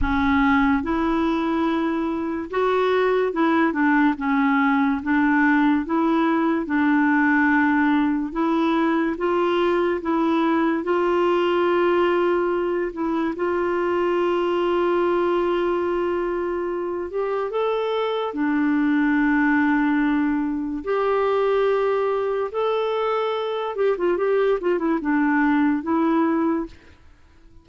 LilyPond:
\new Staff \with { instrumentName = "clarinet" } { \time 4/4 \tempo 4 = 72 cis'4 e'2 fis'4 | e'8 d'8 cis'4 d'4 e'4 | d'2 e'4 f'4 | e'4 f'2~ f'8 e'8 |
f'1~ | f'8 g'8 a'4 d'2~ | d'4 g'2 a'4~ | a'8 g'16 f'16 g'8 f'16 e'16 d'4 e'4 | }